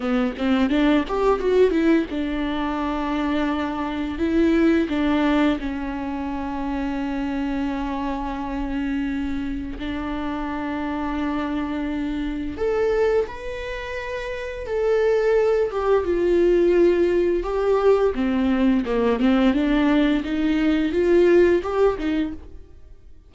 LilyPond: \new Staff \with { instrumentName = "viola" } { \time 4/4 \tempo 4 = 86 b8 c'8 d'8 g'8 fis'8 e'8 d'4~ | d'2 e'4 d'4 | cis'1~ | cis'2 d'2~ |
d'2 a'4 b'4~ | b'4 a'4. g'8 f'4~ | f'4 g'4 c'4 ais8 c'8 | d'4 dis'4 f'4 g'8 dis'8 | }